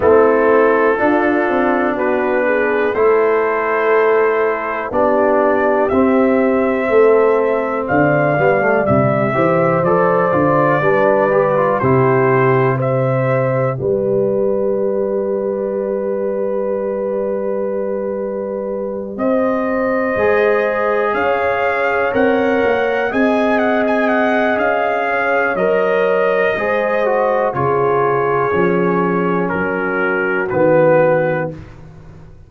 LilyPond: <<
  \new Staff \with { instrumentName = "trumpet" } { \time 4/4 \tempo 4 = 61 a'2 b'4 c''4~ | c''4 d''4 e''2 | f''4 e''4 d''2 | c''4 e''4 d''2~ |
d''2.~ d''8 dis''8~ | dis''4. f''4 fis''4 gis''8 | fis''16 gis''16 fis''8 f''4 dis''2 | cis''2 ais'4 b'4 | }
  \new Staff \with { instrumentName = "horn" } { \time 4/4 e'4 f'4 fis'8 gis'8 a'4~ | a'4 g'2 a'4 | d''4. c''4. b'4 | g'4 c''4 b'2~ |
b'2.~ b'8 c''8~ | c''4. cis''2 dis''8~ | dis''4. cis''4. c''4 | gis'2 fis'2 | }
  \new Staff \with { instrumentName = "trombone" } { \time 4/4 c'4 d'2 e'4~ | e'4 d'4 c'2~ | c'8 b16 a16 g8 g'8 a'8 f'8 d'8 g'16 f'16 | e'4 g'2.~ |
g'1~ | g'8 gis'2 ais'4 gis'8~ | gis'2 ais'4 gis'8 fis'8 | f'4 cis'2 b4 | }
  \new Staff \with { instrumentName = "tuba" } { \time 4/4 a4 d'8 c'8 b4 a4~ | a4 b4 c'4 a4 | d8 g8 c8 e8 f8 d8 g4 | c2 g2~ |
g2.~ g8 c'8~ | c'8 gis4 cis'4 c'8 ais8 c'8~ | c'4 cis'4 fis4 gis4 | cis4 f4 fis4 dis4 | }
>>